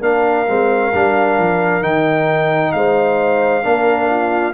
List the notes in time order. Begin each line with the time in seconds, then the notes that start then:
0.00 A#3 D4 A#4 F5
0.47 G#3 C4
0.93 G3 D4
1.38 F3
1.82 D#3 D#4 G5
2.72 G#3 C5 F5
3.62 A#3 D4 A#4
4.10 F4